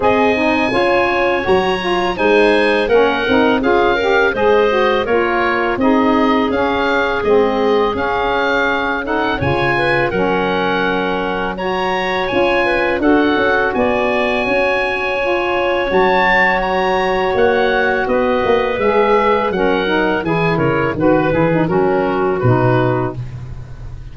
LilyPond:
<<
  \new Staff \with { instrumentName = "oboe" } { \time 4/4 \tempo 4 = 83 gis''2 ais''4 gis''4 | fis''4 f''4 dis''4 cis''4 | dis''4 f''4 dis''4 f''4~ | f''8 fis''8 gis''4 fis''2 |
ais''4 gis''4 fis''4 gis''4~ | gis''2 a''4 ais''4 | fis''4 dis''4 e''4 fis''4 | gis''8 cis''8 b'8 gis'8 ais'4 b'4 | }
  \new Staff \with { instrumentName = "clarinet" } { \time 4/4 dis''4 cis''2 c''4 | ais'4 gis'8 ais'8 c''4 ais'4 | gis'1~ | gis'8 a'8 cis''8 b'8 ais'2 |
cis''4. b'8 a'4 d''4 | cis''1~ | cis''4 b'2 ais'4 | gis'8 ais'8 b'4 fis'2 | }
  \new Staff \with { instrumentName = "saxophone" } { \time 4/4 gis'8 dis'8 f'4 fis'8 f'8 dis'4 | cis'8 dis'8 f'8 g'8 gis'8 fis'8 f'4 | dis'4 cis'4 c'4 cis'4~ | cis'8 dis'8 f'4 cis'2 |
fis'4 f'4 fis'2~ | fis'4 f'4 fis'2~ | fis'2 gis'4 cis'8 dis'8 | e'4 fis'8 e'16 dis'16 cis'4 dis'4 | }
  \new Staff \with { instrumentName = "tuba" } { \time 4/4 c'4 cis'4 fis4 gis4 | ais8 c'8 cis'4 gis4 ais4 | c'4 cis'4 gis4 cis'4~ | cis'4 cis4 fis2~ |
fis4 cis'4 d'8 cis'8 b4 | cis'2 fis2 | ais4 b8 ais8 gis4 fis4 | e8 cis8 dis8 e8 fis4 b,4 | }
>>